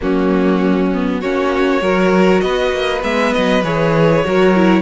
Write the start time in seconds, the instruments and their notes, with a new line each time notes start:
0.00 cello F#3, viola A#3, violin C#4 F#4
0.93 viola B3
1.20 cello A#3, viola C#4, violin F#4 C#5
1.80 cello F#3, viola F#4, violin A#4
2.40 cello B3, violin B4 D#5
2.72 cello A#3
3.02 cello G#3, viola B3, violin E5
3.33 cello F#3, violin D#5
3.63 cello E3, viola G#4, violin C#5
4.23 cello F#3, viola F#4, violin A#4
4.54 viola E4